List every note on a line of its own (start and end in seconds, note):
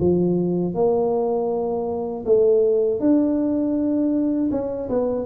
0.00 0.74 F3
0.74 2.24 A#3
2.25 3.00 A3
3.00 4.50 D4
4.51 4.89 C#4
4.89 5.26 B3